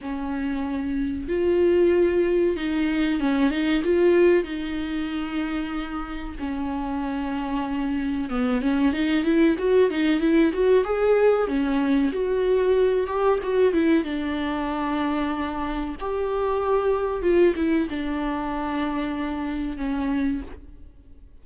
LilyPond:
\new Staff \with { instrumentName = "viola" } { \time 4/4 \tempo 4 = 94 cis'2 f'2 | dis'4 cis'8 dis'8 f'4 dis'4~ | dis'2 cis'2~ | cis'4 b8 cis'8 dis'8 e'8 fis'8 dis'8 |
e'8 fis'8 gis'4 cis'4 fis'4~ | fis'8 g'8 fis'8 e'8 d'2~ | d'4 g'2 f'8 e'8 | d'2. cis'4 | }